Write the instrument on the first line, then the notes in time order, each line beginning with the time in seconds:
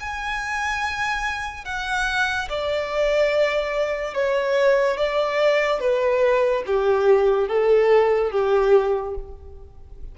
violin
0.00 G#5
1.65 F#5
2.49 D5
4.14 C#5
4.97 D5
5.80 B4
6.66 G4
7.48 A4
8.31 G4